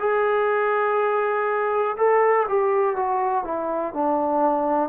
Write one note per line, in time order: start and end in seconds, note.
0.00 1.97 G#4
1.98 2.47 A4
2.49 2.96 G4
2.96 3.45 F#4
3.45 3.94 E4
3.94 4.90 D4